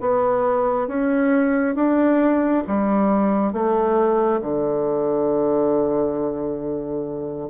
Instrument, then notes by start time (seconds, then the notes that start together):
bassoon
0.00 B3
0.87 C#4
1.75 D4
2.67 G3
3.53 A3
4.41 D3